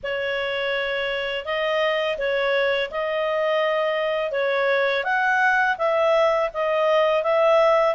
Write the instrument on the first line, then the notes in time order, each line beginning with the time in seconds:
clarinet
0.03 C#5
1.45 D#5
2.18 C#5
2.90 D#5
4.31 C#5
5.04 F#5
5.77 E5
6.53 D#5
7.23 E5